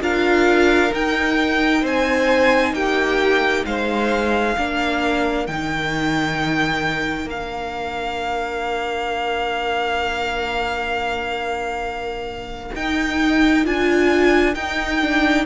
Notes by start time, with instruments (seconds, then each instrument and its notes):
0.00 cello D4, viola F4, violin A#4 F5
0.92 viola D#4, cello D#4, violin G5
1.81 cello C4, violin C5 G#5
2.73 cello A#3, violin G4 G5
3.65 cello G#3, violin C5 F5
4.56 cello A#3, viola D4, violin A#4
5.46 cello D#3, viola D#4, violin G5
7.25 cello A#3, viola D4, violin F5
12.75 cello D#4, viola D#4, violin G5
13.64 cello D4, viola F4, violin G#5
14.54 viola D#4, cello D#4, violin G5
15.01 viola D4